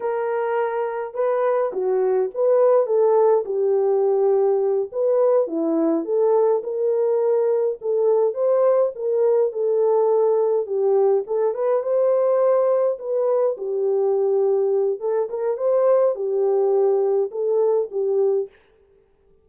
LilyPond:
\new Staff \with { instrumentName = "horn" } { \time 4/4 \tempo 4 = 104 ais'2 b'4 fis'4 | b'4 a'4 g'2~ | g'8 b'4 e'4 a'4 ais'8~ | ais'4. a'4 c''4 ais'8~ |
ais'8 a'2 g'4 a'8 | b'8 c''2 b'4 g'8~ | g'2 a'8 ais'8 c''4 | g'2 a'4 g'4 | }